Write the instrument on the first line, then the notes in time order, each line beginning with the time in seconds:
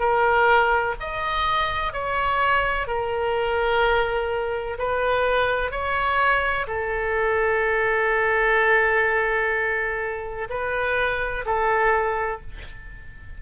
oboe
0.00 A#4
1.00 D#5
1.93 C#5
2.87 A#4
4.79 B4
5.71 C#5
6.67 A4
10.50 B4
11.46 A4